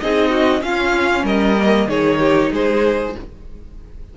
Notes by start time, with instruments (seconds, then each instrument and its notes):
0.00 cello C4, viola D#4, violin G#4 D#5
0.30 violin F#4
0.61 viola C#4, cello C#4, violin F4 F5
1.23 cello G3, violin A#4 D#5
1.58 viola A#3
1.87 cello D#3, viola D#4, violin G#4 C#5
2.19 violin G4
2.52 cello G#3, violin G#4 C5